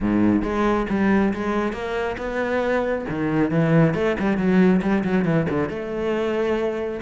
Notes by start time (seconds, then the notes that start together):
0.00 G#2
0.42 G#3
0.89 G3
1.33 G#3
1.72 A#3
2.17 B3
3.09 D#3
3.50 E3
3.94 A3
4.19 G3
4.37 F#3
4.82 G3
5.04 F#3
5.24 E3
5.49 D3
5.69 A3